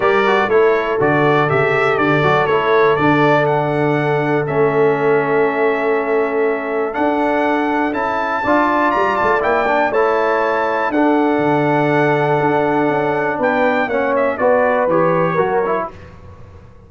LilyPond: <<
  \new Staff \with { instrumentName = "trumpet" } { \time 4/4 \tempo 4 = 121 d''4 cis''4 d''4 e''4 | d''4 cis''4 d''4 fis''4~ | fis''4 e''2.~ | e''2 fis''2 |
a''2 ais''8 a''8 g''4 | a''2 fis''2~ | fis''2. g''4 | fis''8 e''8 d''4 cis''2 | }
  \new Staff \with { instrumentName = "horn" } { \time 4/4 ais'4 a'2.~ | a'1~ | a'1~ | a'1~ |
a'4 d''2. | cis''2 a'2~ | a'2. b'4 | cis''4 b'2 ais'4 | }
  \new Staff \with { instrumentName = "trombone" } { \time 4/4 g'8 fis'8 e'4 fis'4 g'4~ | g'8 fis'8 e'4 d'2~ | d'4 cis'2.~ | cis'2 d'2 |
e'4 f'2 e'8 d'8 | e'2 d'2~ | d'1 | cis'4 fis'4 g'4 fis'8 e'8 | }
  \new Staff \with { instrumentName = "tuba" } { \time 4/4 g4 a4 d4 cis4 | d8 fis8 a4 d2~ | d4 a2.~ | a2 d'2 |
cis'4 d'4 g8 a8 ais4 | a2 d'4 d4~ | d4 d'4 cis'4 b4 | ais4 b4 e4 fis4 | }
>>